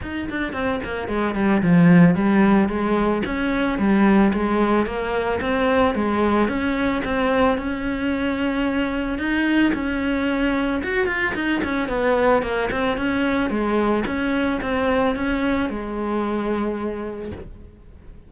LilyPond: \new Staff \with { instrumentName = "cello" } { \time 4/4 \tempo 4 = 111 dis'8 d'8 c'8 ais8 gis8 g8 f4 | g4 gis4 cis'4 g4 | gis4 ais4 c'4 gis4 | cis'4 c'4 cis'2~ |
cis'4 dis'4 cis'2 | fis'8 f'8 dis'8 cis'8 b4 ais8 c'8 | cis'4 gis4 cis'4 c'4 | cis'4 gis2. | }